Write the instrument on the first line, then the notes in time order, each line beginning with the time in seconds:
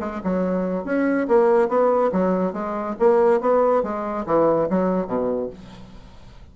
bassoon
0.00 G#3
0.24 F#3
0.85 C#4
1.28 A#3
1.69 B3
2.12 F#3
2.53 G#3
3.00 A#3
3.41 B3
3.83 G#3
4.26 E3
4.70 F#3
5.08 B2